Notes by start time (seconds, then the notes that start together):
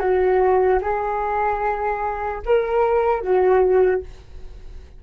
0.00 F#4
0.82 G#4
2.46 A#4
3.21 F#4